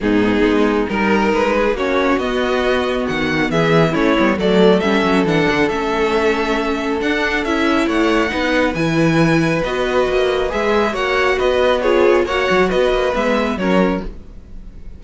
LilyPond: <<
  \new Staff \with { instrumentName = "violin" } { \time 4/4 \tempo 4 = 137 gis'2 ais'4 b'4 | cis''4 dis''2 fis''4 | e''4 cis''4 d''4 e''4 | fis''4 e''2. |
fis''4 e''4 fis''2 | gis''2 dis''2 | e''4 fis''4 dis''4 cis''4 | fis''4 dis''4 e''4 cis''4 | }
  \new Staff \with { instrumentName = "violin" } { \time 4/4 dis'2 ais'4. gis'8 | fis'1 | gis'4 e'4 a'2~ | a'1~ |
a'2 cis''4 b'4~ | b'1~ | b'4 cis''4 b'4 gis'4 | cis''4 b'2 ais'4 | }
  \new Staff \with { instrumentName = "viola" } { \time 4/4 b2 dis'2 | cis'4 b2.~ | b4 cis'8 b8 a4 cis'4 | d'4 cis'2. |
d'4 e'2 dis'4 | e'2 fis'2 | gis'4 fis'2 f'4 | fis'2 b4 cis'4 | }
  \new Staff \with { instrumentName = "cello" } { \time 4/4 gis,4 gis4 g4 gis4 | ais4 b2 dis4 | e4 a8 g8 fis4 g8 fis8 | e8 d8 a2. |
d'4 cis'4 a4 b4 | e2 b4 ais4 | gis4 ais4 b2 | ais8 fis8 b8 ais8 gis4 fis4 | }
>>